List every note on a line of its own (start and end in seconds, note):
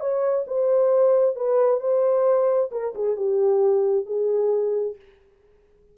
0.00 0.45 C#5
0.47 1.36 C5
1.36 1.80 B4
1.80 2.70 C5
2.71 2.94 A#4
2.95 3.16 G#4
3.16 4.06 G4
4.06 4.96 G#4